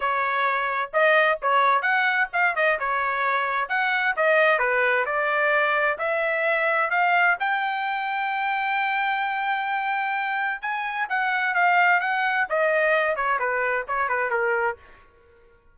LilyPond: \new Staff \with { instrumentName = "trumpet" } { \time 4/4 \tempo 4 = 130 cis''2 dis''4 cis''4 | fis''4 f''8 dis''8 cis''2 | fis''4 dis''4 b'4 d''4~ | d''4 e''2 f''4 |
g''1~ | g''2. gis''4 | fis''4 f''4 fis''4 dis''4~ | dis''8 cis''8 b'4 cis''8 b'8 ais'4 | }